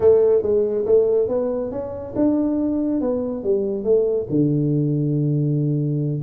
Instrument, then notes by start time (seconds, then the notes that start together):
tuba
0.00 A3
0.42 G#3
0.85 A3
1.28 B3
1.71 C#4
2.15 D4
3.01 B3
3.43 G3
3.84 A3
4.29 D3